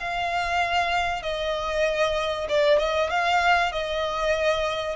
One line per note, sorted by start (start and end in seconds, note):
0.00 1.22 F5
1.22 2.47 D#5
2.49 2.79 D5
2.79 3.10 D#5
3.10 3.72 F5
3.72 4.95 D#5